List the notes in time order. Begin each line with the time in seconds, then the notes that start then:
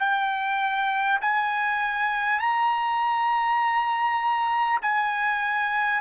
0.00 G5
1.22 G#5
2.39 A#5
4.82 G#5